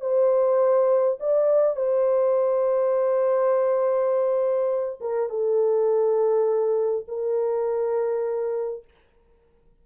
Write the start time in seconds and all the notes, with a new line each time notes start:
0.00 C5
1.20 D5
1.76 C5
5.00 A#4
5.29 A4
7.07 A#4